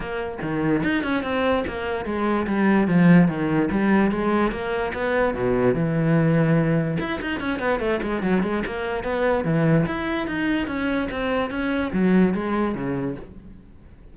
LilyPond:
\new Staff \with { instrumentName = "cello" } { \time 4/4 \tempo 4 = 146 ais4 dis4 dis'8 cis'8 c'4 | ais4 gis4 g4 f4 | dis4 g4 gis4 ais4 | b4 b,4 e2~ |
e4 e'8 dis'8 cis'8 b8 a8 gis8 | fis8 gis8 ais4 b4 e4 | e'4 dis'4 cis'4 c'4 | cis'4 fis4 gis4 cis4 | }